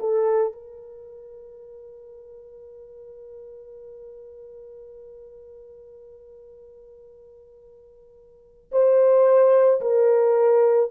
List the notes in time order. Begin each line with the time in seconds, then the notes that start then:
0.00 A4
0.53 A#4
8.72 C5
9.81 A#4